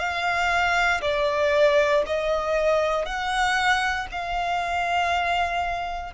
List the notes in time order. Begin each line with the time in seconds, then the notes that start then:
0.00 F5
1.02 D5
2.07 D#5
3.06 F#5
4.12 F5